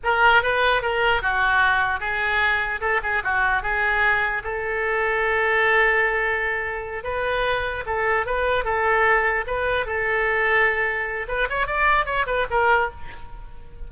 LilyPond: \new Staff \with { instrumentName = "oboe" } { \time 4/4 \tempo 4 = 149 ais'4 b'4 ais'4 fis'4~ | fis'4 gis'2 a'8 gis'8 | fis'4 gis'2 a'4~ | a'1~ |
a'4. b'2 a'8~ | a'8 b'4 a'2 b'8~ | b'8 a'2.~ a'8 | b'8 cis''8 d''4 cis''8 b'8 ais'4 | }